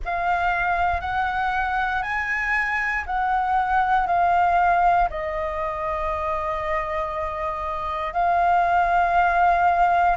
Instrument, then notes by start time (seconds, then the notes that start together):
flute
0.04 F5
1.00 F#5
2.02 G#5
3.06 F#5
4.07 F5
5.09 D#5
8.13 F5